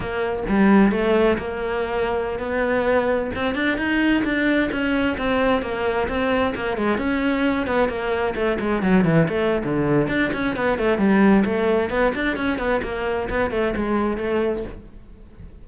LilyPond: \new Staff \with { instrumentName = "cello" } { \time 4/4 \tempo 4 = 131 ais4 g4 a4 ais4~ | ais4~ ais16 b2 c'8 d'16~ | d'16 dis'4 d'4 cis'4 c'8.~ | c'16 ais4 c'4 ais8 gis8 cis'8.~ |
cis'8. b8 ais4 a8 gis8 fis8 e16~ | e16 a8. d4 d'8 cis'8 b8 a8 | g4 a4 b8 d'8 cis'8 b8 | ais4 b8 a8 gis4 a4 | }